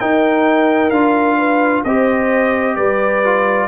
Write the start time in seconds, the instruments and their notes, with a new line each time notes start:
0.00 trombone D#4, tuba D#4, horn A#4, trumpet G5
0.90 tuba D4, trombone F4, trumpet F5
1.38 horn B4
1.84 tuba C4, trombone G4, horn C5, trumpet D#5
2.76 tuba G3, horn B4, trumpet D5
3.25 trombone F4